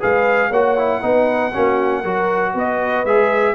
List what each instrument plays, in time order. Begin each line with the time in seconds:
0.00 tuba G#3, trombone G#4, horn B4, trumpet F5
0.49 tuba A#3, trombone F#4, horn C#5, trumpet F#5
0.78 trombone E4
1.01 tuba B3, trombone D#4, horn B4
1.53 tuba A#3, trombone C#4, horn F#4
2.01 tuba F#3, trombone F#4, horn A#4
2.54 tuba B3, horn B4, trumpet D#5
3.05 tuba G#3, trombone G#4, trumpet E5